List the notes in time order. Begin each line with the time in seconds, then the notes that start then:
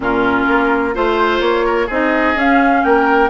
0.00 A#2 C#4 F4 A#4
0.47 A#3
0.93 A3 F4 C5
1.40 A#3 C#5
1.65 A#4
1.86 C4 D#4 G#4 D#5
2.35 C#4 F5
2.83 A#3 A#4 G5